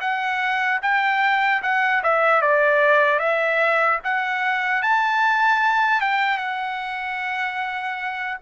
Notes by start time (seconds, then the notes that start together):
0.00 F#5
0.81 G5
1.62 F#5
2.03 E5
2.41 D5
3.19 E5
4.04 F#5
4.82 A5
6.00 G5
6.37 F#5